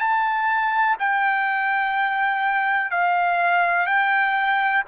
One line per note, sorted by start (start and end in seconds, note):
0.00 0.97 A5
1.00 2.91 G5
2.91 3.87 F5
3.87 4.83 G5